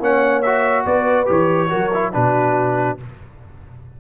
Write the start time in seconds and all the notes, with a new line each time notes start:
0.00 A#3 C#4 C#5 F#5
0.42 F#4 E5
0.85 B3 B4 D5
1.26 E3 G4 C#5
1.69 F#3 F#4 A#4
1.94 E4
2.13 B2 D4 F#4 B4